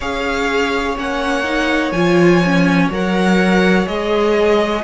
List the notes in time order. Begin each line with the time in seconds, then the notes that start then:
0.00 C#4 G#4 C#5 F5
0.97 A#3 C#4 F#5
1.44 D#4
1.91 F3 F4 G#5
2.44 C#4
2.90 F#3 A#4 F#5
3.85 G#3 G#4 D#5